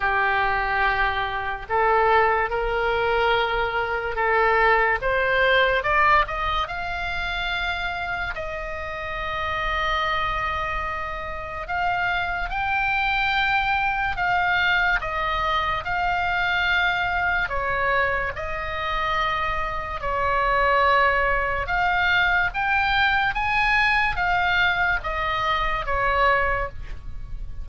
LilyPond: \new Staff \with { instrumentName = "oboe" } { \time 4/4 \tempo 4 = 72 g'2 a'4 ais'4~ | ais'4 a'4 c''4 d''8 dis''8 | f''2 dis''2~ | dis''2 f''4 g''4~ |
g''4 f''4 dis''4 f''4~ | f''4 cis''4 dis''2 | cis''2 f''4 g''4 | gis''4 f''4 dis''4 cis''4 | }